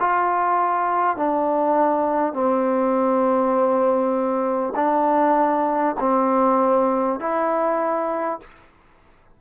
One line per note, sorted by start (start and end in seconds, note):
0.00 1.17 F4
1.17 2.33 D4
2.33 4.73 C4
4.75 5.95 D4
6.00 7.19 C4
7.19 8.39 E4